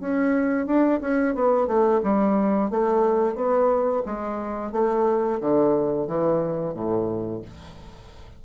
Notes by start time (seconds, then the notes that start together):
0.00 C#4
0.66 D4
1.01 C#4
1.35 B3
1.67 A3
2.03 G3
2.70 A3
3.35 B3
4.06 G#3
4.72 A3
5.40 D3
6.07 E3
6.74 A2